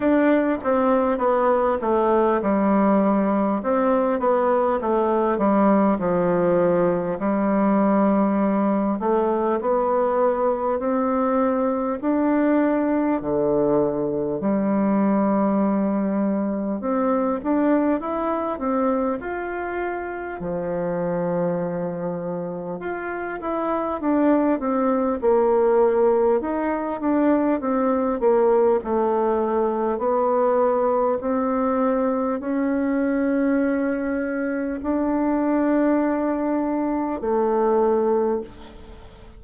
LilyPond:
\new Staff \with { instrumentName = "bassoon" } { \time 4/4 \tempo 4 = 50 d'8 c'8 b8 a8 g4 c'8 b8 | a8 g8 f4 g4. a8 | b4 c'4 d'4 d4 | g2 c'8 d'8 e'8 c'8 |
f'4 f2 f'8 e'8 | d'8 c'8 ais4 dis'8 d'8 c'8 ais8 | a4 b4 c'4 cis'4~ | cis'4 d'2 a4 | }